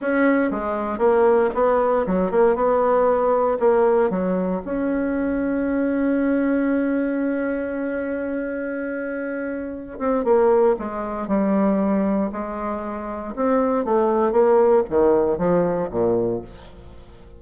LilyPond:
\new Staff \with { instrumentName = "bassoon" } { \time 4/4 \tempo 4 = 117 cis'4 gis4 ais4 b4 | fis8 ais8 b2 ais4 | fis4 cis'2.~ | cis'1~ |
cis'2.~ cis'8 c'8 | ais4 gis4 g2 | gis2 c'4 a4 | ais4 dis4 f4 ais,4 | }